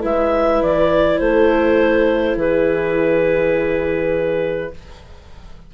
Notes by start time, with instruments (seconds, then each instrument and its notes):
0.00 bassoon G#3, viola E4, horn B4, clarinet E5
0.62 bassoon E3, clarinet D5
1.19 bassoon A3, horn A4, clarinet C5
2.36 bassoon E3, horn G#4, clarinet B4